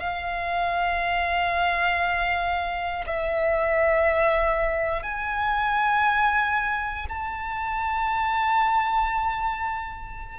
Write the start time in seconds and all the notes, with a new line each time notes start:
0.00 F5
3.07 E5
5.03 G#5
7.10 A5